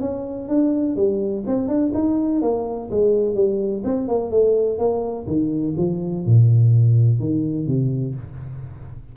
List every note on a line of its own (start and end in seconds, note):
0.00 0.48 C#4
0.48 0.96 D4
0.96 1.44 G3
1.46 1.68 C4
1.68 1.92 D4
1.94 2.42 D#4
2.42 2.90 A#3
2.91 3.35 G#3
3.35 3.83 G3
3.84 4.08 C4
4.08 4.30 A#3
4.30 4.78 A3
4.78 5.26 A#3
5.26 5.74 D#3
5.77 6.25 F3
6.25 7.20 A#2
7.20 7.67 D#3
7.67 8.15 C3